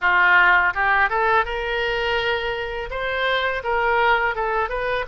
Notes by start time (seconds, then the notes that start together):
0.01 F4
0.74 G4
1.09 A4
1.45 A#4
2.90 C5
3.63 A#4
4.35 A4
4.69 B4